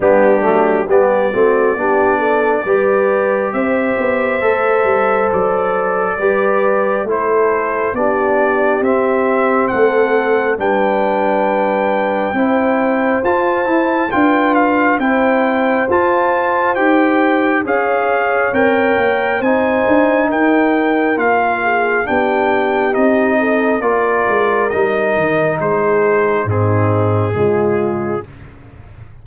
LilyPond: <<
  \new Staff \with { instrumentName = "trumpet" } { \time 4/4 \tempo 4 = 68 g'4 d''2. | e''2 d''2 | c''4 d''4 e''4 fis''4 | g''2. a''4 |
g''8 f''8 g''4 a''4 g''4 | f''4 g''4 gis''4 g''4 | f''4 g''4 dis''4 d''4 | dis''4 c''4 gis'2 | }
  \new Staff \with { instrumentName = "horn" } { \time 4/4 d'4 g'8 fis'8 g'8 a'8 b'4 | c''2. b'4 | a'4 g'2 a'4 | b'2 c''2 |
b'4 c''2. | cis''2 c''4 ais'4~ | ais'8 gis'8 g'4. a'8 ais'4~ | ais'4 gis'4 dis'4 f'4 | }
  \new Staff \with { instrumentName = "trombone" } { \time 4/4 b8 a8 b8 c'8 d'4 g'4~ | g'4 a'2 g'4 | e'4 d'4 c'2 | d'2 e'4 f'8 e'8 |
f'4 e'4 f'4 g'4 | gis'4 ais'4 dis'2 | f'4 d'4 dis'4 f'4 | dis'2 c'4 gis4 | }
  \new Staff \with { instrumentName = "tuba" } { \time 4/4 g8 fis8 g8 a8 b4 g4 | c'8 b8 a8 g8 fis4 g4 | a4 b4 c'4 a4 | g2 c'4 f'8 e'8 |
d'4 c'4 f'4 dis'4 | cis'4 c'8 ais8 c'8 d'8 dis'4 | ais4 b4 c'4 ais8 gis8 | g8 dis8 gis4 gis,4 cis4 | }
>>